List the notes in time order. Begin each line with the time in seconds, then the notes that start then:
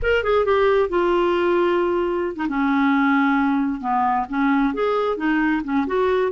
0.02 A#4
0.23 G#4
0.45 G4
0.89 F4
2.36 D#4
2.49 C#4
3.80 B3
4.29 C#4
4.73 G#4
5.17 D#4
5.63 C#4
5.86 F#4